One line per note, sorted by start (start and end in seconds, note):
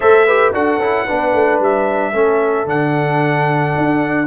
0.00 0.52 A3
0.00 0.27 A4
0.00 0.26 C5
0.00 0.53 E5
0.26 0.53 G4
0.26 0.52 B4
0.52 0.78 D4
0.52 0.80 F#4
0.52 1.06 A4
0.52 1.61 F#5
0.78 1.04 C#4
0.78 1.07 E4
1.06 1.33 B3
1.06 2.13 D4
1.06 2.13 B4
1.33 1.59 A3
1.60 2.13 G3
1.60 2.69 E5
2.13 2.65 A3
2.13 2.66 C#4
2.13 4.26 A4
2.65 3.72 D3
2.65 4.26 D4
2.65 4.26 F#5
3.77 4.26 D4